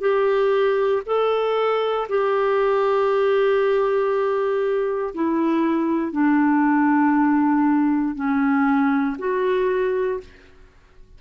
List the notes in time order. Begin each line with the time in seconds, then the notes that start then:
0.00 G4
1.05 A4
2.08 G4
5.14 E4
6.12 D4
8.14 C#4
9.18 F#4